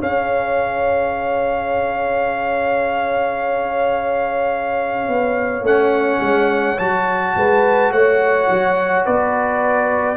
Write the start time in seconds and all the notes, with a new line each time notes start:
0.00 C#4 G#4 C#5 F5
5.08 B3
5.61 A3 C#4 F#5
6.20 G#3
6.77 F#3 F#4 A5
7.36 G#3 B4
7.91 A3 C#5 F#5
8.49 F#3
9.05 B3 B4 D5